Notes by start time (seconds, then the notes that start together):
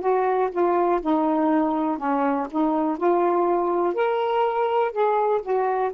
0.00 F#4
0.51 F4
1.01 D#4
1.98 C#4
2.50 D#4
2.97 F4
3.94 A#4
4.91 G#4
5.42 F#4